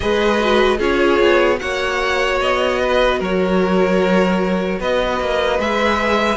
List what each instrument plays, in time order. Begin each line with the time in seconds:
0.00 cello G#3, viola G#4, violin B4 D#5
0.40 viola F#4
0.77 cello C#4, viola F4, violin G#4 C#5
1.20 cello B3
1.59 cello A#3, viola F#4, violin C#5 F#5
2.41 cello B3, violin D#5
2.82 violin B4
3.19 cello F#3, violin A#4 C#5
4.80 cello B3, violin B4 D#5
5.20 cello A#3
5.59 cello G#3, viola G#4, violin E5